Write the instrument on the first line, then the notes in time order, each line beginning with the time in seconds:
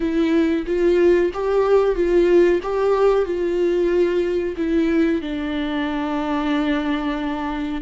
viola
0.00 E4
0.66 F4
1.33 G4
1.95 F4
2.62 G4
3.25 F4
4.56 E4
5.21 D4